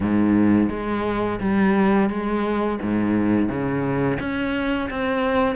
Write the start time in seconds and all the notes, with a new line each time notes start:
0.00 G#2
0.69 G#3
1.40 G3
2.09 G#3
2.81 G#2
3.48 C#3
4.20 C#4
4.90 C4